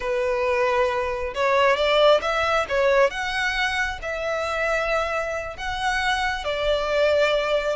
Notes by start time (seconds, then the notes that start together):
0.00 B4
1.34 C#5
1.76 D5
2.21 E5
2.68 C#5
3.10 F#5
4.02 E5
5.57 F#5
6.44 D5